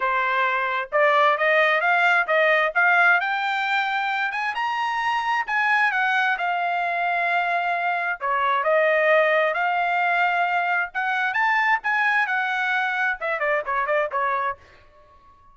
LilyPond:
\new Staff \with { instrumentName = "trumpet" } { \time 4/4 \tempo 4 = 132 c''2 d''4 dis''4 | f''4 dis''4 f''4 g''4~ | g''4. gis''8 ais''2 | gis''4 fis''4 f''2~ |
f''2 cis''4 dis''4~ | dis''4 f''2. | fis''4 a''4 gis''4 fis''4~ | fis''4 e''8 d''8 cis''8 d''8 cis''4 | }